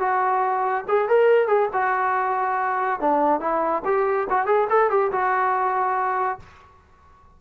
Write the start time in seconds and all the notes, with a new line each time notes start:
0.00 F#4
0.88 G#4
1.09 A#4
1.48 G#4
1.74 F#4
3.01 D4
3.40 E4
3.85 G4
4.30 F#4
4.47 G#4
4.70 A4
4.91 G4
5.12 F#4